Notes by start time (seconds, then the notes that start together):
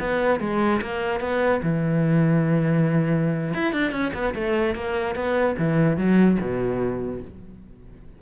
0.00 B3
0.40 G#3
0.82 A#3
1.20 B3
1.63 E3
3.54 E4
3.73 D4
3.92 C#4
4.14 B3
4.35 A3
4.75 A#3
5.16 B3
5.58 E3
5.97 F#3
6.41 B2